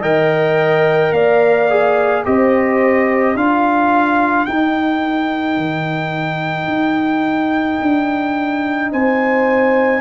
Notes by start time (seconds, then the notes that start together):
0.00 D#3 A#4 D#5 G5
1.12 A#3 D5 F5
1.69 G#4
2.24 C4 G4 C5 D#5
3.34 D4 F4 A#4 F5
4.45 D#4 G5
5.57 D#3
6.67 D#4
7.81 D4
8.91 C4 C5 G#5